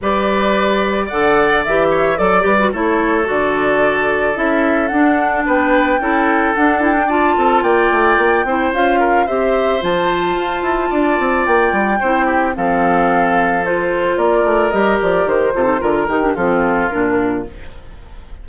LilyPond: <<
  \new Staff \with { instrumentName = "flute" } { \time 4/4 \tempo 4 = 110 d''2 fis''4 e''4 | d''8 b'8 cis''4 d''2 | e''4 fis''4 g''2 | fis''8 g''8 a''4 g''2 |
f''4 e''4 a''2~ | a''4 g''2 f''4~ | f''4 c''4 d''4 dis''8 d''8 | c''4 ais'8 g'8 a'4 ais'4 | }
  \new Staff \with { instrumentName = "oboe" } { \time 4/4 b'2 d''4. cis''8 | d''4 a'2.~ | a'2 b'4 a'4~ | a'4 d''8 a'8 d''4. c''8~ |
c''8 ais'8 c''2. | d''2 c''8 g'8 a'4~ | a'2 ais'2~ | ais'8 a'8 ais'4 f'2 | }
  \new Staff \with { instrumentName = "clarinet" } { \time 4/4 g'2 a'4 g'4 | a'8 g'16 fis'16 e'4 fis'2 | e'4 d'2 e'4 | d'8 e'16 d'16 f'2~ f'8 e'8 |
f'4 g'4 f'2~ | f'2 e'4 c'4~ | c'4 f'2 g'4~ | g'8 f'16 dis'16 f'8 dis'16 d'16 c'4 d'4 | }
  \new Staff \with { instrumentName = "bassoon" } { \time 4/4 g2 d4 e4 | fis8 g8 a4 d2 | cis'4 d'4 b4 cis'4 | d'4. c'8 ais8 a8 ais8 c'8 |
cis'4 c'4 f4 f'8 e'8 | d'8 c'8 ais8 g8 c'4 f4~ | f2 ais8 a8 g8 f8 | dis8 c8 d8 dis8 f4 ais,4 | }
>>